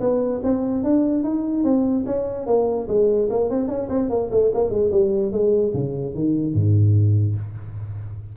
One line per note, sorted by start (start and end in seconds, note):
0.00 0.41 B3
0.43 0.84 C4
0.84 1.23 D4
1.23 1.64 D#4
1.64 2.05 C4
2.06 2.46 C#4
2.46 2.87 A#3
2.88 3.29 G#3
3.30 3.50 A#3
3.50 3.68 C4
3.68 3.88 C#4
3.89 4.10 C4
4.10 4.30 A#3
4.31 4.51 A3
4.54 4.70 A#3
4.70 4.90 G#3
4.91 5.32 G3
5.32 5.73 G#3
5.74 6.14 C#3
6.15 6.54 D#3
6.54 7.36 G#2